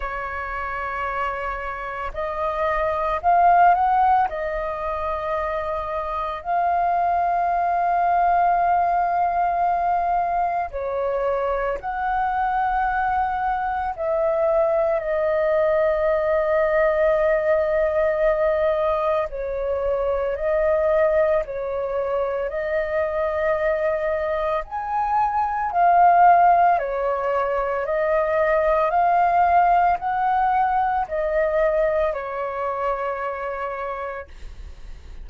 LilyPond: \new Staff \with { instrumentName = "flute" } { \time 4/4 \tempo 4 = 56 cis''2 dis''4 f''8 fis''8 | dis''2 f''2~ | f''2 cis''4 fis''4~ | fis''4 e''4 dis''2~ |
dis''2 cis''4 dis''4 | cis''4 dis''2 gis''4 | f''4 cis''4 dis''4 f''4 | fis''4 dis''4 cis''2 | }